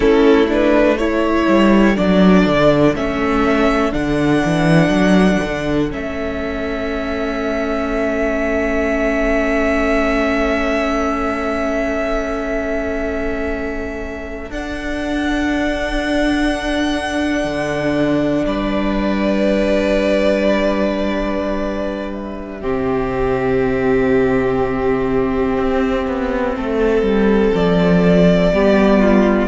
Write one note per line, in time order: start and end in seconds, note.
0.00 1.46 A3
0.00 0.47 C#4
0.00 0.98 E4
0.00 0.47 A4
0.48 0.97 D4
0.48 0.98 B4
0.98 1.95 E4
0.98 18.44 A4
0.98 1.96 C#5
1.48 1.97 G3
1.95 2.46 F#3
1.95 2.94 D4
1.95 2.94 D5
2.46 2.94 D3
2.94 3.92 A3
2.94 3.92 C#4
2.94 3.93 E5
3.92 4.43 D3
3.92 5.89 D4
3.92 5.89 F#5
4.44 4.88 E3
4.88 5.37 F#3
5.44 5.93 D3
5.90 14.50 A3
5.90 14.50 C#4
5.90 14.51 E5
14.50 17.44 D4
14.50 22.61 D4
14.50 18.45 F#5
17.44 18.42 D3
18.45 22.63 G3
18.45 22.60 B4
18.45 22.13 D5
22.13 27.54 E5
22.60 25.57 C3
22.60 28.51 C4
22.60 26.53 G4
25.57 26.07 C4
26.07 26.56 B3
26.56 27.02 A3
26.56 28.53 A4
27.02 27.51 G3
27.53 28.52 F3
27.53 29.48 D5
28.52 29.48 G3
28.52 29.48 B3
28.52 28.99 G4
28.99 29.48 F4